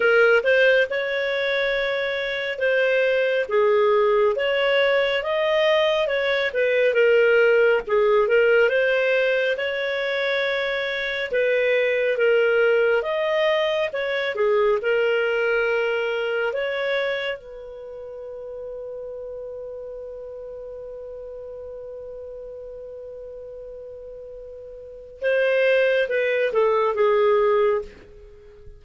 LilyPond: \new Staff \with { instrumentName = "clarinet" } { \time 4/4 \tempo 4 = 69 ais'8 c''8 cis''2 c''4 | gis'4 cis''4 dis''4 cis''8 b'8 | ais'4 gis'8 ais'8 c''4 cis''4~ | cis''4 b'4 ais'4 dis''4 |
cis''8 gis'8 ais'2 cis''4 | b'1~ | b'1~ | b'4 c''4 b'8 a'8 gis'4 | }